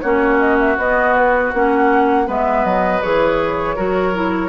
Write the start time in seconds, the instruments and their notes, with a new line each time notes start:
0.00 bassoon A#3, clarinet C#4, oboe F#4, flute C#5
0.38 flute D#5
0.59 flute E5
0.77 bassoon B3, clarinet B3, flute D#5
1.16 flute B4
1.53 bassoon A#3, clarinet C#4, flute F#5
2.25 bassoon G#3, clarinet B3, oboe B4, flute E5
2.64 bassoon F#3, flute D#5
3.02 bassoon E3, clarinet G#4, flute C#5
3.75 bassoon F#3, clarinet F#4, oboe A#4
4.14 clarinet E4